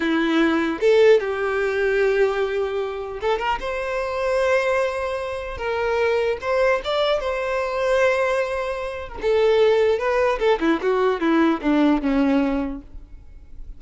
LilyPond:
\new Staff \with { instrumentName = "violin" } { \time 4/4 \tempo 4 = 150 e'2 a'4 g'4~ | g'1 | a'8 ais'8 c''2.~ | c''2 ais'2 |
c''4 d''4 c''2~ | c''2~ c''8. ais'16 a'4~ | a'4 b'4 a'8 e'8 fis'4 | e'4 d'4 cis'2 | }